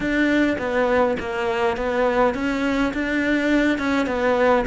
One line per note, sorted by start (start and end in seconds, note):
0.00 0.56 D4
0.58 1.16 B3
1.19 1.76 A#3
1.76 2.34 B3
2.34 2.92 C#4
2.93 3.78 D4
3.78 4.06 C#4
4.06 4.64 B3